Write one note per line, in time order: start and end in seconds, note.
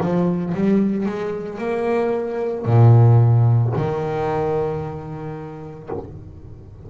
0.00 0.54 F3
0.54 1.06 G3
1.06 1.58 G#3
1.58 2.65 A#3
2.65 3.72 A#2
3.75 5.90 D#3